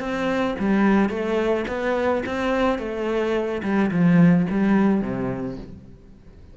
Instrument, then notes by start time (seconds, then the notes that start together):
cello
0.00 C4
0.59 G3
1.10 A3
1.68 B3
2.26 C4
2.79 A3
3.63 G3
3.91 F3
4.51 G3
5.02 C3